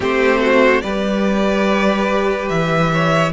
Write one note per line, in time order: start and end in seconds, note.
0.00 0.82 A3
0.00 0.81 C4
0.00 0.39 G4
0.00 0.81 C5
0.40 0.82 F#4
0.81 2.49 G3
0.81 3.32 G4
0.81 2.91 B4
0.81 2.48 D5
2.48 3.32 E3
2.48 3.32 E5
2.92 3.32 C#5